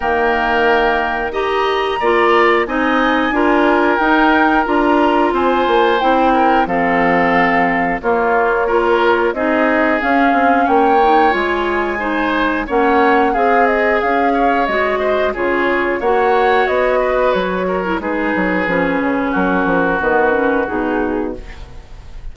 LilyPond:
<<
  \new Staff \with { instrumentName = "flute" } { \time 4/4 \tempo 4 = 90 g''2 ais''2 | gis''2 g''4 ais''4 | gis''4 g''4 f''2 | cis''2 dis''4 f''4 |
g''4 gis''2 fis''4 | f''8 dis''8 f''4 dis''4 cis''4 | fis''4 dis''4 cis''4 b'4~ | b'4 ais'4 b'4 gis'4 | }
  \new Staff \with { instrumentName = "oboe" } { \time 4/4 ais'2 dis''4 d''4 | dis''4 ais'2. | c''4. ais'8 a'2 | f'4 ais'4 gis'2 |
cis''2 c''4 cis''4 | gis'4. cis''4 c''8 gis'4 | cis''4. b'4 ais'8 gis'4~ | gis'4 fis'2. | }
  \new Staff \with { instrumentName = "clarinet" } { \time 4/4 ais2 g'4 f'4 | dis'4 f'4 dis'4 f'4~ | f'4 e'4 c'2 | ais4 f'4 dis'4 cis'4~ |
cis'8 dis'8 f'4 dis'4 cis'4 | gis'2 fis'4 f'4 | fis'2~ fis'8. e'16 dis'4 | cis'2 b8 cis'8 dis'4 | }
  \new Staff \with { instrumentName = "bassoon" } { \time 4/4 dis2. ais4 | c'4 d'4 dis'4 d'4 | c'8 ais8 c'4 f2 | ais2 c'4 cis'8 c'8 |
ais4 gis2 ais4 | c'4 cis'4 gis4 cis4 | ais4 b4 fis4 gis8 fis8 | f8 cis8 fis8 f8 dis4 b,4 | }
>>